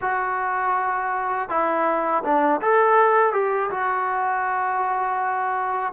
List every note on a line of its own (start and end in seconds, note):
0.01 1.49 F#4
1.49 2.23 E4
2.24 2.61 D4
2.61 3.32 A4
3.32 3.69 G4
3.70 5.92 F#4